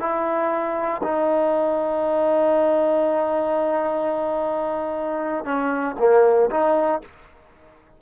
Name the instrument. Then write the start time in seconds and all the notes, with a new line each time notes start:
trombone
0.00 E4
1.03 D#4
5.45 C#4
5.99 A#3
6.51 D#4